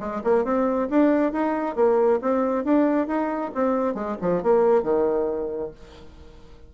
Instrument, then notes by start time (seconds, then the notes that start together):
bassoon
0.00 G#3
0.24 A#3
0.45 C4
0.90 D4
1.33 D#4
1.76 A#3
2.22 C4
2.65 D4
3.08 D#4
3.55 C4
3.95 G#3
4.21 F3
4.43 A#3
4.83 D#3